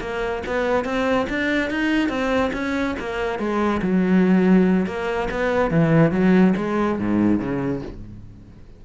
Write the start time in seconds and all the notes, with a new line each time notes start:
0.00 A#3
0.46 B3
0.84 C4
1.29 D4
1.70 D#4
2.09 C4
2.53 C#4
2.99 A#3
3.38 G#3
3.82 F#3
4.86 A#3
5.30 B3
5.70 E3
6.11 F#3
6.56 G#3
6.99 G#2
7.39 C#3